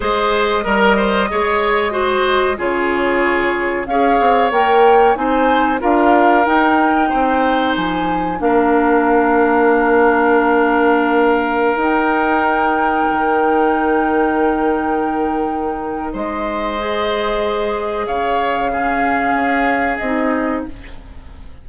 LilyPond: <<
  \new Staff \with { instrumentName = "flute" } { \time 4/4 \tempo 4 = 93 dis''1 | cis''2 f''4 g''4 | gis''4 f''4 g''2 | gis''4 f''2.~ |
f''2~ f''16 g''4.~ g''16~ | g''1~ | g''4 dis''2. | f''2. dis''4 | }
  \new Staff \with { instrumentName = "oboe" } { \time 4/4 c''4 ais'8 c''8 cis''4 c''4 | gis'2 cis''2 | c''4 ais'2 c''4~ | c''4 ais'2.~ |
ais'1~ | ais'1~ | ais'4 c''2. | cis''4 gis'2. | }
  \new Staff \with { instrumentName = "clarinet" } { \time 4/4 gis'4 ais'4 gis'4 fis'4 | f'2 gis'4 ais'4 | dis'4 f'4 dis'2~ | dis'4 d'2.~ |
d'2~ d'16 dis'4.~ dis'16~ | dis'1~ | dis'2 gis'2~ | gis'4 cis'2 dis'4 | }
  \new Staff \with { instrumentName = "bassoon" } { \time 4/4 gis4 g4 gis2 | cis2 cis'8 c'8 ais4 | c'4 d'4 dis'4 c'4 | f4 ais2.~ |
ais2~ ais16 dis'4.~ dis'16~ | dis'16 dis2.~ dis8.~ | dis4 gis2. | cis2 cis'4 c'4 | }
>>